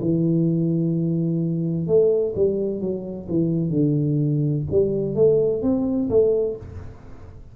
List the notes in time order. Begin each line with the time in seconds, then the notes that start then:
0.00 E3
1.86 A3
2.35 G3
2.80 F#3
3.28 E3
3.69 D3
4.70 G3
5.15 A3
5.62 C4
6.09 A3